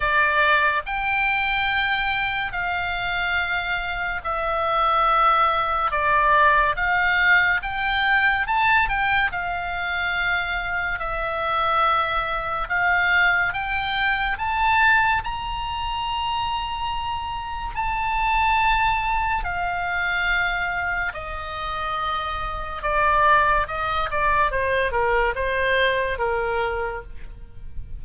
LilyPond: \new Staff \with { instrumentName = "oboe" } { \time 4/4 \tempo 4 = 71 d''4 g''2 f''4~ | f''4 e''2 d''4 | f''4 g''4 a''8 g''8 f''4~ | f''4 e''2 f''4 |
g''4 a''4 ais''2~ | ais''4 a''2 f''4~ | f''4 dis''2 d''4 | dis''8 d''8 c''8 ais'8 c''4 ais'4 | }